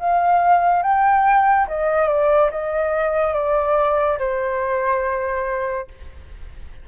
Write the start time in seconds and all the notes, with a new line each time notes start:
0.00 F5
0.83 G5
1.68 D#5
2.08 D5
2.52 D#5
3.34 D5
4.19 C5